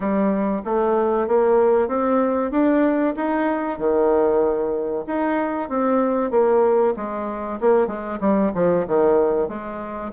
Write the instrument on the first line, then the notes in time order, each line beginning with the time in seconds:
bassoon
0.00 G3
0.65 A3
1.27 A#3
1.88 C4
2.51 D4
3.16 D#4
3.78 D#3
5.07 D#4
5.69 C4
6.30 A#3
6.96 G#3
7.60 A#3
7.87 G#3
8.20 G3
8.54 F3
8.87 D#3
9.48 G#3